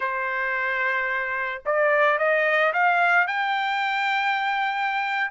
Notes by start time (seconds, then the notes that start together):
0.00 C5
1.65 D5
2.18 D#5
2.73 F5
3.27 G5